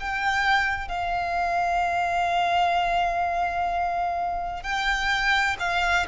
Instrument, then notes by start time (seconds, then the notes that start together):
violin
0.00 G5
0.89 F5
4.63 G5
5.60 F5